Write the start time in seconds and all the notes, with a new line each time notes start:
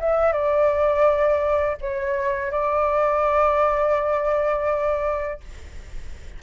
0.00 E5
0.32 D5
1.81 C#5
2.51 D5